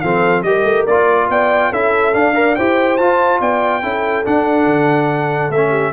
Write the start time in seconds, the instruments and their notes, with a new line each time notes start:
0.00 tuba F3, trombone C4, horn A4, trumpet F5
0.43 tuba G3, trombone G4, horn A#4, trumpet D#5
0.64 tuba A3
0.87 tuba A#3, trombone F4, trumpet D5
1.29 tuba B3, horn D5, trumpet G5
1.70 tuba C#4, trombone E4, horn A4, trumpet E5
2.14 trombone D4, tuba D4, trumpet F5
2.35 trombone A#4, horn D5
2.56 tuba E4, trombone G4, horn C5, trumpet G5
2.98 tuba F4, trombone F4, trumpet A5
3.40 tuba B3, horn D5, trumpet G5
3.82 tuba C#4, trombone E4, horn A4
4.26 trombone D4, tuba D4, trumpet F#5
4.66 tuba D3
5.50 tuba A3, trombone C#4, trumpet E5
5.70 horn G4